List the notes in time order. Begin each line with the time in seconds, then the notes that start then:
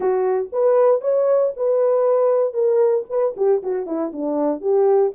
0.00 F#4
0.52 B4
1.01 C#5
1.56 B4
2.53 A#4
3.09 B4
3.37 G4
3.62 F#4
3.86 E4
4.12 D4
4.61 G4